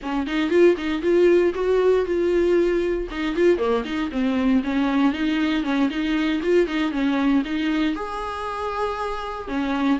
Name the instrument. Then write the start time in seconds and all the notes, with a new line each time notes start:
viola
0.02 C#4
0.26 D#4
0.50 F4
0.77 D#4
1.01 F4
1.54 F#4
2.05 F4
3.10 D#4
3.35 F4
3.58 A#3
3.84 D#4
4.11 C4
4.63 C#4
5.12 D#4
5.63 C#4
5.90 D#4
6.43 F4
6.67 D#4
6.91 C#4
7.44 D#4
7.95 G#4
9.48 C#4